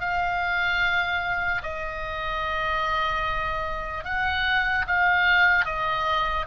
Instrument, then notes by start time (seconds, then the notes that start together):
oboe
0.00 F5
1.63 D#5
4.05 F#5
4.88 F5
5.65 D#5